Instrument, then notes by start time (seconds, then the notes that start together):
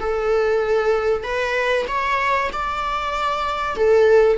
viola
0.00 A4
1.24 B4
1.88 C#5
2.53 D5
3.76 A4